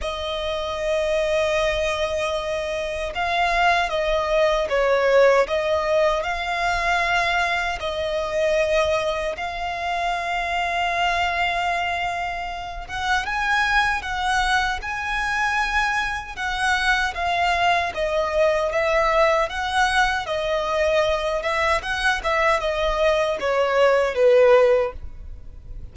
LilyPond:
\new Staff \with { instrumentName = "violin" } { \time 4/4 \tempo 4 = 77 dis''1 | f''4 dis''4 cis''4 dis''4 | f''2 dis''2 | f''1~ |
f''8 fis''8 gis''4 fis''4 gis''4~ | gis''4 fis''4 f''4 dis''4 | e''4 fis''4 dis''4. e''8 | fis''8 e''8 dis''4 cis''4 b'4 | }